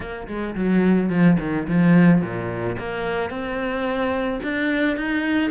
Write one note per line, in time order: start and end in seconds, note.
0.00 0.27 A#3
0.27 0.55 G#3
0.55 1.09 F#3
1.09 1.37 F3
1.39 1.67 D#3
1.68 2.21 F3
2.21 2.76 A#2
2.78 3.30 A#3
3.30 4.40 C4
4.43 4.96 D4
4.96 5.50 D#4